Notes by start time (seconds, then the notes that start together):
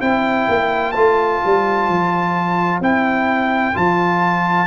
0.00 C4 E4 C5 G5
0.48 A#3
0.91 A3 F4 A5
1.45 G3
1.88 F3
2.81 C4 E4 G5
3.74 F3 F4 A5